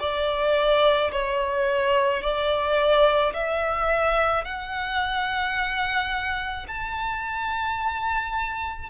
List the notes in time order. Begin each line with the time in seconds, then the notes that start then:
0.00 D5
1.12 C#5
2.22 D5
3.33 E5
4.44 F#5
6.68 A5